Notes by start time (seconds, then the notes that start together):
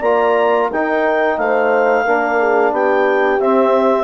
0.00 A#3 F4 D5 A#5
0.71 D#4 A#4 G5
1.38 A3 C5 F5
2.04 A#3 D4 A#4
2.39 G#4
2.72 B3 G4 G5
3.39 C4 E5